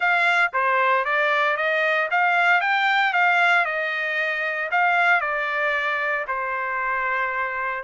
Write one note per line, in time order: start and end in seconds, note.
0.00 0.51 F5
0.53 1.04 C5
1.04 1.56 D5
1.56 2.08 D#5
2.10 2.61 F5
2.61 3.13 G5
3.13 3.65 F5
3.65 4.69 D#5
4.71 5.21 F5
5.21 6.25 D5
6.27 7.83 C5